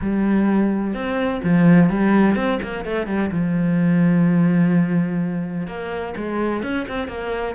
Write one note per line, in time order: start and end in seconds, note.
0.01 0.94 G3
0.94 1.41 C4
1.43 1.89 F3
1.89 2.35 G3
2.35 2.59 C4
2.62 2.84 A#3
2.84 3.06 A3
3.06 3.30 G3
3.31 5.67 F3
5.67 6.14 A#3
6.17 6.62 G#3
6.62 6.86 C#4
6.88 7.08 C4
7.08 7.55 A#3